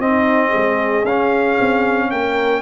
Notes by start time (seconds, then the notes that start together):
0.00 C4 D#4 D#5
0.49 G#4
0.55 G#3
1.05 C#4 F5
1.61 C4
2.11 A#3 A#4 G5